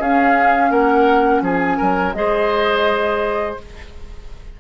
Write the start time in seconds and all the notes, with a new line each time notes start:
0.00 C#4 G#4 F5
0.71 A#3 A#4 F#5
1.42 F3 G#4 G#5
1.78 F#3 A#4
2.14 G#3 G#4 C5 D#5